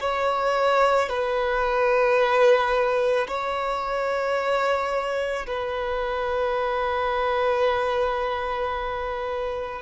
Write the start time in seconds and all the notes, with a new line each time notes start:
0.00 C#5
1.09 B4
3.28 C#5
5.46 B4